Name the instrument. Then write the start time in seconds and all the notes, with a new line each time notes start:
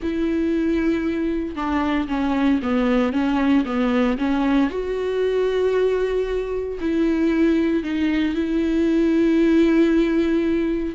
viola
0.02 E4
1.55 D4
2.08 C#4
2.62 B3
3.12 C#4
3.65 B3
4.17 C#4
4.70 F#4
6.80 E4
7.83 D#4
8.34 E4